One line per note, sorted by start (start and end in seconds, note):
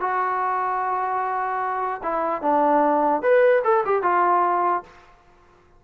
0.00 2.01 F#4
2.03 2.42 E4
2.42 3.22 D4
3.22 3.62 B4
3.64 3.84 A4
3.85 4.03 G4
4.03 4.83 F4